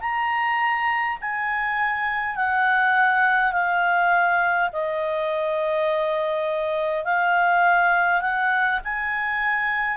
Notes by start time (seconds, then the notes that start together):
0.00 A#5
1.21 G#5
2.36 F#5
3.52 F5
4.73 D#5
7.05 F5
8.21 F#5
8.84 G#5